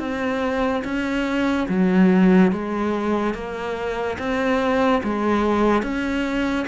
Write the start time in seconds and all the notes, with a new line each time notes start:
0.00 C4
0.84 C#4
1.69 F#3
2.52 G#3
3.34 A#3
4.19 C4
5.04 G#3
5.83 C#4